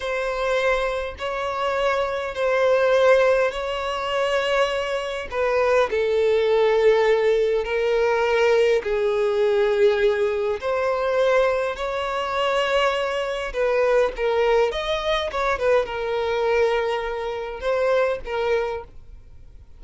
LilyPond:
\new Staff \with { instrumentName = "violin" } { \time 4/4 \tempo 4 = 102 c''2 cis''2 | c''2 cis''2~ | cis''4 b'4 a'2~ | a'4 ais'2 gis'4~ |
gis'2 c''2 | cis''2. b'4 | ais'4 dis''4 cis''8 b'8 ais'4~ | ais'2 c''4 ais'4 | }